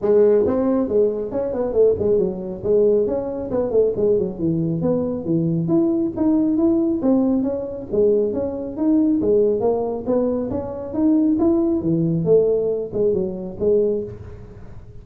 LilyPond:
\new Staff \with { instrumentName = "tuba" } { \time 4/4 \tempo 4 = 137 gis4 c'4 gis4 cis'8 b8 | a8 gis8 fis4 gis4 cis'4 | b8 a8 gis8 fis8 e4 b4 | e4 e'4 dis'4 e'4 |
c'4 cis'4 gis4 cis'4 | dis'4 gis4 ais4 b4 | cis'4 dis'4 e'4 e4 | a4. gis8 fis4 gis4 | }